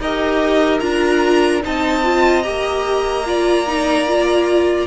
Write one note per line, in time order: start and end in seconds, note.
0.00 0.81 D#4
0.00 0.81 G4
0.00 1.64 A#4
0.00 0.80 D#5
0.80 1.63 D4
0.80 1.62 F4
0.80 1.61 A#5
1.62 2.47 C4
1.62 2.03 D#4
1.62 3.27 D#5
1.62 2.43 A5
2.04 2.44 F4
2.43 4.87 A#3
2.43 3.25 G4
2.43 4.87 A#5
3.26 3.67 F4
3.26 4.87 D5
3.67 4.07 D#4
4.07 4.87 F4